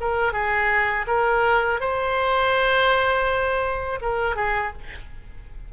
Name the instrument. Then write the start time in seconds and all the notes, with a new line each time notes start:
oboe
0.00 A#4
0.33 G#4
1.07 A#4
1.80 C5
4.01 A#4
4.36 G#4